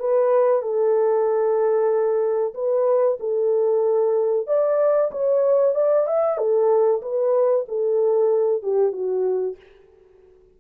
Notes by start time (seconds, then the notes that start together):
0.00 B4
0.62 A4
2.54 B4
3.20 A4
4.47 D5
5.11 C#5
5.75 D5
6.07 E5
6.38 A4
7.02 B4
7.68 A4
8.63 G4
8.92 F#4